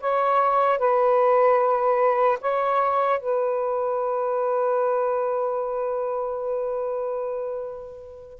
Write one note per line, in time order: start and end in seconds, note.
0.00 0.78 C#5
0.78 2.38 B4
2.41 3.20 C#5
3.20 8.40 B4